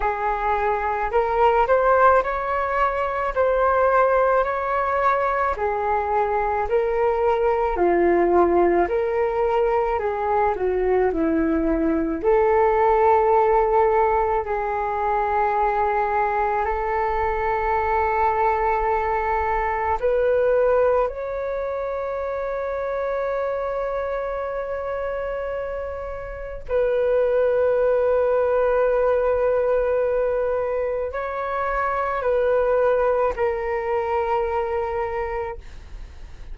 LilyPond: \new Staff \with { instrumentName = "flute" } { \time 4/4 \tempo 4 = 54 gis'4 ais'8 c''8 cis''4 c''4 | cis''4 gis'4 ais'4 f'4 | ais'4 gis'8 fis'8 e'4 a'4~ | a'4 gis'2 a'4~ |
a'2 b'4 cis''4~ | cis''1 | b'1 | cis''4 b'4 ais'2 | }